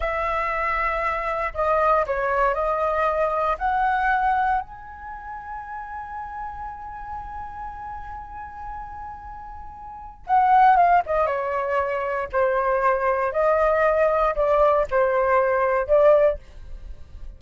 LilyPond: \new Staff \with { instrumentName = "flute" } { \time 4/4 \tempo 4 = 117 e''2. dis''4 | cis''4 dis''2 fis''4~ | fis''4 gis''2.~ | gis''1~ |
gis''1 | fis''4 f''8 dis''8 cis''2 | c''2 dis''2 | d''4 c''2 d''4 | }